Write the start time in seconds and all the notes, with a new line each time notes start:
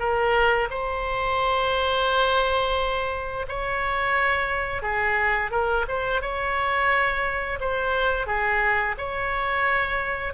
0.00 A#4
0.71 C5
3.49 C#5
4.83 G#4
5.51 A#4
5.88 C5
6.22 C#5
7.61 C5
8.27 G#4
8.98 C#5